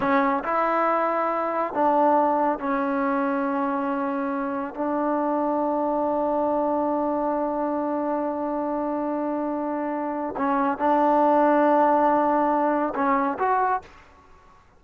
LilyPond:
\new Staff \with { instrumentName = "trombone" } { \time 4/4 \tempo 4 = 139 cis'4 e'2. | d'2 cis'2~ | cis'2. d'4~ | d'1~ |
d'1~ | d'1 | cis'4 d'2.~ | d'2 cis'4 fis'4 | }